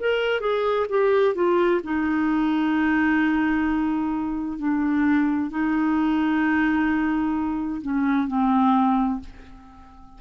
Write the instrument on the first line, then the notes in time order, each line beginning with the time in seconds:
clarinet
0.00 A#4
0.41 G#4
0.90 G4
1.35 F4
1.84 D#4
4.59 D4
5.50 D#4
7.82 C#4
8.28 C4